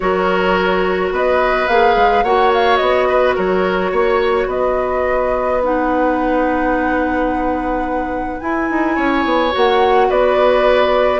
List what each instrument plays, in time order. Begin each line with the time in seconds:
0.00 bassoon F#3, clarinet F#4, oboe A#4, flute C#5
1.11 bassoon B3, oboe B4, flute D#5
1.67 bassoon A#3, clarinet G#4, flute F5
1.96 bassoon G#3
2.23 bassoon A#3, clarinet F#4, oboe C#5, flute F#5
2.53 flute F5
2.77 bassoon B3, flute D#5
3.08 oboe B4
3.35 bassoon F#3, oboe A#4, flute C#5
3.91 bassoon A#3, oboe C#5
4.45 bassoon B3, oboe B4, flute D#5
5.62 clarinet D#4, flute F#5
8.40 clarinet E4, bassoon E4, flute G#5
8.70 bassoon D#4
8.95 bassoon C#4, oboe C#5
9.24 bassoon B3
9.51 bassoon A#3, clarinet F#4, flute F#5
10.09 bassoon B3, oboe B4, flute D5